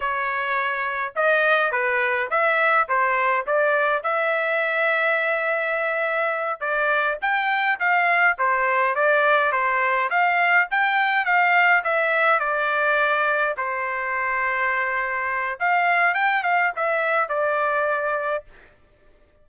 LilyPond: \new Staff \with { instrumentName = "trumpet" } { \time 4/4 \tempo 4 = 104 cis''2 dis''4 b'4 | e''4 c''4 d''4 e''4~ | e''2.~ e''8 d''8~ | d''8 g''4 f''4 c''4 d''8~ |
d''8 c''4 f''4 g''4 f''8~ | f''8 e''4 d''2 c''8~ | c''2. f''4 | g''8 f''8 e''4 d''2 | }